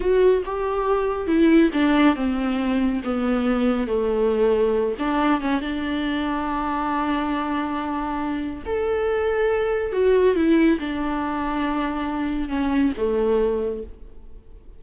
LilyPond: \new Staff \with { instrumentName = "viola" } { \time 4/4 \tempo 4 = 139 fis'4 g'2 e'4 | d'4 c'2 b4~ | b4 a2~ a8 d'8~ | d'8 cis'8 d'2.~ |
d'1 | a'2. fis'4 | e'4 d'2.~ | d'4 cis'4 a2 | }